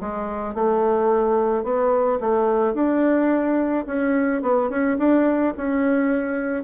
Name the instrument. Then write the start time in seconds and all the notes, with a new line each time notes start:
bassoon
0.00 G#3
0.54 A3
1.63 B3
2.20 A3
2.73 D4
3.86 C#4
4.42 B3
4.69 C#4
4.98 D4
5.57 C#4